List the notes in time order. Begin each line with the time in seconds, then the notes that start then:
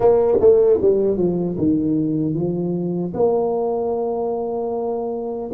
0.00 A#3
0.40 A3
0.81 G3
1.16 F3
1.57 D#3
2.34 F3
3.14 A#3